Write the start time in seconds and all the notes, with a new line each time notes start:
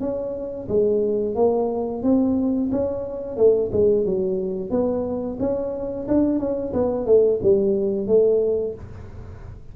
0.00 C#4
0.68 G#3
1.35 A#3
2.03 C4
2.71 C#4
3.36 A3
3.72 G#3
4.05 F#3
4.70 B3
5.39 C#4
6.08 D4
6.39 C#4
6.73 B3
7.06 A3
7.42 G3
8.07 A3